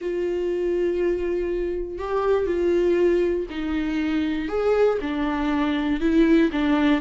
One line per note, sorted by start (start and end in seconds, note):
0.01 1.98 F4
1.98 2.46 G4
2.46 3.46 F4
3.50 4.48 D#4
4.48 4.98 G#4
5.01 6.00 D4
6.00 6.50 E4
6.52 7.01 D4